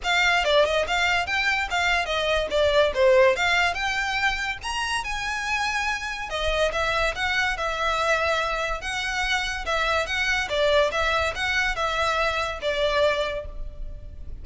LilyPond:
\new Staff \with { instrumentName = "violin" } { \time 4/4 \tempo 4 = 143 f''4 d''8 dis''8 f''4 g''4 | f''4 dis''4 d''4 c''4 | f''4 g''2 ais''4 | gis''2. dis''4 |
e''4 fis''4 e''2~ | e''4 fis''2 e''4 | fis''4 d''4 e''4 fis''4 | e''2 d''2 | }